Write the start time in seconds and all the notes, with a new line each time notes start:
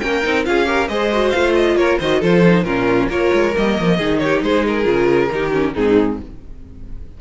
0.00 A#3 C#4 A#4 G5
0.23 C4 D#4
0.45 C#4 F4 G#4 F5
0.66 G4 A#4
0.89 G#3 G#4 C5 D#5
1.13 F#4
1.31 A3 F4 F5
1.55 D#5
1.76 A#3 A#4 C#5
1.99 D#3 F#4 C5 D#5
2.19 F3 F4 A4 C5
2.47 D#4
2.64 A#2 C#4 F4 A#4
3.09 A#3 F4 A#4 C#5
3.34 G#3
3.55 G3 A#3 D#5
3.80 F3
3.97 D#3 D#4 G#4
4.19 G4 C#5
4.42 G#3 G#4 C5
4.67 A#4
4.84 C#3 F4
5.32 D#3 D#4 G4
5.52 C#4
5.74 G#2 C4 D#4 G#4